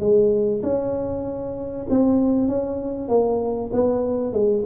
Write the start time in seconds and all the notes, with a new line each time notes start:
0.00 G#3
0.63 C#4
1.90 C4
2.48 C#4
3.08 A#3
3.73 B3
4.33 G#3